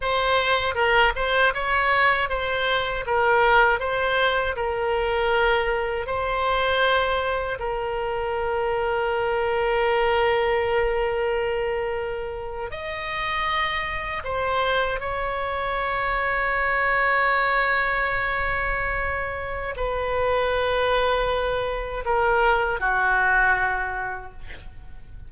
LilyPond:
\new Staff \with { instrumentName = "oboe" } { \time 4/4 \tempo 4 = 79 c''4 ais'8 c''8 cis''4 c''4 | ais'4 c''4 ais'2 | c''2 ais'2~ | ais'1~ |
ais'8. dis''2 c''4 cis''16~ | cis''1~ | cis''2 b'2~ | b'4 ais'4 fis'2 | }